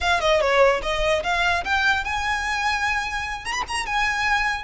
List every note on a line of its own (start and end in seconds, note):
0.00 0.20 F5
0.20 0.40 D#5
0.40 0.81 C#5
0.82 1.23 D#5
1.23 1.63 F5
1.64 2.04 G5
2.04 3.45 G#5
3.45 3.52 A#5
3.52 3.62 B5
3.68 3.86 A#5
3.86 4.64 G#5